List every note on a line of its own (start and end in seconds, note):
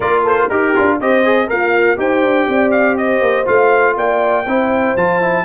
0.00 0.49 A#3
0.00 0.50 F4
0.00 0.23 A#4
0.00 0.23 D5
0.23 0.48 A4
0.23 0.49 C5
0.49 0.74 D#4
0.49 0.99 G4
0.49 0.75 G4
0.49 0.98 A#4
0.75 1.00 D4
0.75 0.99 F4
0.99 1.49 C4
0.99 1.24 G4
0.99 1.49 C5
0.99 1.49 D#5
1.24 1.47 G#4
1.47 1.98 A#3
1.47 1.99 F4
1.47 1.96 A#4
1.47 1.99 F5
1.96 2.22 D#4
1.96 3.45 G4
1.96 2.49 C5
1.96 2.71 G5
2.22 2.47 D4
2.48 3.21 C4
2.48 2.96 D5
2.71 2.96 F5
2.96 3.96 C5
2.96 3.46 D#5
3.21 3.46 A#3
3.45 3.96 A3
3.45 4.44 F4
3.45 3.96 F5
3.96 4.46 A#3
3.96 4.46 D5
3.96 4.96 G5
4.46 4.95 C4
4.46 4.97 E4
4.46 5.44 C5
4.96 5.44 F3
4.96 5.22 F4
4.96 5.44 A5
5.22 5.44 E4